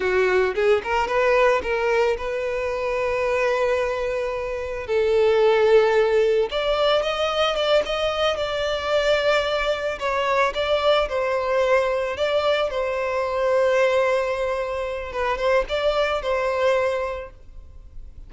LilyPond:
\new Staff \with { instrumentName = "violin" } { \time 4/4 \tempo 4 = 111 fis'4 gis'8 ais'8 b'4 ais'4 | b'1~ | b'4 a'2. | d''4 dis''4 d''8 dis''4 d''8~ |
d''2~ d''8 cis''4 d''8~ | d''8 c''2 d''4 c''8~ | c''1 | b'8 c''8 d''4 c''2 | }